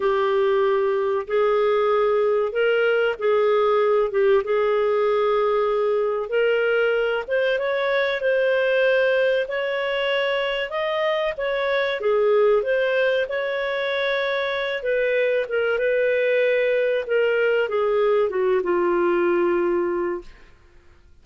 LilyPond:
\new Staff \with { instrumentName = "clarinet" } { \time 4/4 \tempo 4 = 95 g'2 gis'2 | ais'4 gis'4. g'8 gis'4~ | gis'2 ais'4. c''8 | cis''4 c''2 cis''4~ |
cis''4 dis''4 cis''4 gis'4 | c''4 cis''2~ cis''8 b'8~ | b'8 ais'8 b'2 ais'4 | gis'4 fis'8 f'2~ f'8 | }